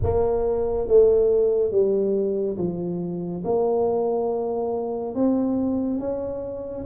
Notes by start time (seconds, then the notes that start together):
0.02 A#3
0.87 A3
1.71 G3
2.57 F3
3.44 A#3
5.14 C4
5.99 C#4